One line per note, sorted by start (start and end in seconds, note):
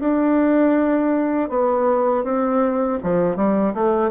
0.00 1.50 D4
1.50 2.24 B3
2.24 2.99 C4
3.03 3.36 F3
3.36 3.74 G3
3.74 4.11 A3